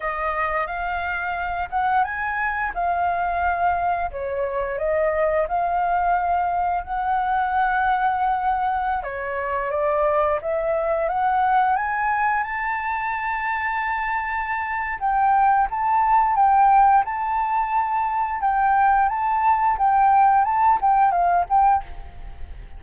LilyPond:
\new Staff \with { instrumentName = "flute" } { \time 4/4 \tempo 4 = 88 dis''4 f''4. fis''8 gis''4 | f''2 cis''4 dis''4 | f''2 fis''2~ | fis''4~ fis''16 cis''4 d''4 e''8.~ |
e''16 fis''4 gis''4 a''4.~ a''16~ | a''2 g''4 a''4 | g''4 a''2 g''4 | a''4 g''4 a''8 g''8 f''8 g''8 | }